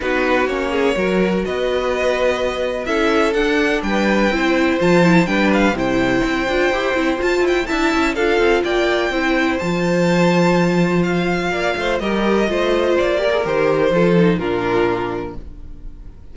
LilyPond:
<<
  \new Staff \with { instrumentName = "violin" } { \time 4/4 \tempo 4 = 125 b'4 cis''2 dis''4~ | dis''2 e''4 fis''4 | g''2 a''4 g''8 f''8 | g''2. a''8 g''8 |
a''4 f''4 g''2 | a''2. f''4~ | f''4 dis''2 d''4 | c''2 ais'2 | }
  \new Staff \with { instrumentName = "violin" } { \time 4/4 fis'4. gis'8 ais'4 b'4~ | b'2 a'2 | b'4 c''2 b'4 | c''1 |
e''4 a'4 d''4 c''4~ | c''1 | d''8 c''8 ais'4 c''4. ais'8~ | ais'4 a'4 f'2 | }
  \new Staff \with { instrumentName = "viola" } { \time 4/4 dis'4 cis'4 fis'2~ | fis'2 e'4 d'4~ | d'4 e'4 f'8 e'8 d'4 | e'4. f'8 g'8 e'8 f'4 |
e'4 f'2 e'4 | f'1~ | f'4 g'4 f'4. g'16 gis'16 | g'4 f'8 dis'8 d'2 | }
  \new Staff \with { instrumentName = "cello" } { \time 4/4 b4 ais4 fis4 b4~ | b2 cis'4 d'4 | g4 c'4 f4 g4 | c4 c'8 d'8 e'8 c'8 f'8 e'8 |
d'8 cis'8 d'8 c'8 ais4 c'4 | f1 | ais8 a8 g4 a4 ais4 | dis4 f4 ais,2 | }
>>